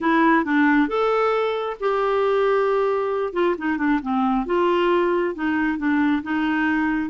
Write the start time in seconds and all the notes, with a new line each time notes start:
0.00 E4
0.44 D4
0.87 A4
1.80 G4
3.33 F4
3.58 D#4
3.77 D4
4.02 C4
4.45 F4
5.34 D#4
5.78 D4
6.22 D#4